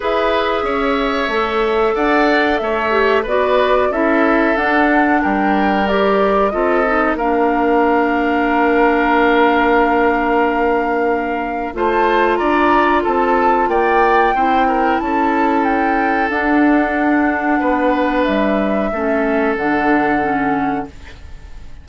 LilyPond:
<<
  \new Staff \with { instrumentName = "flute" } { \time 4/4 \tempo 4 = 92 e''2. fis''4 | e''4 d''4 e''4 fis''4 | g''4 d''4 dis''4 f''4~ | f''1~ |
f''2 a''4 ais''4 | a''4 g''2 a''4 | g''4 fis''2. | e''2 fis''2 | }
  \new Staff \with { instrumentName = "oboe" } { \time 4/4 b'4 cis''2 d''4 | cis''4 b'4 a'2 | ais'2 a'4 ais'4~ | ais'1~ |
ais'2 c''4 d''4 | a'4 d''4 c''8 ais'8 a'4~ | a'2. b'4~ | b'4 a'2. | }
  \new Staff \with { instrumentName = "clarinet" } { \time 4/4 gis'2 a'2~ | a'8 g'8 fis'4 e'4 d'4~ | d'4 g'4 f'8 dis'8 d'4~ | d'1~ |
d'2 f'2~ | f'2 e'2~ | e'4 d'2.~ | d'4 cis'4 d'4 cis'4 | }
  \new Staff \with { instrumentName = "bassoon" } { \time 4/4 e'4 cis'4 a4 d'4 | a4 b4 cis'4 d'4 | g2 c'4 ais4~ | ais1~ |
ais2 a4 d'4 | c'4 ais4 c'4 cis'4~ | cis'4 d'2 b4 | g4 a4 d2 | }
>>